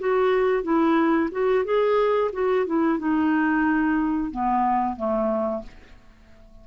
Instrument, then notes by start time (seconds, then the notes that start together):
clarinet
0.00 F#4
0.63 E4
1.32 F#4
1.65 G#4
2.33 F#4
2.67 E4
2.99 D#4
4.31 B3
4.97 A3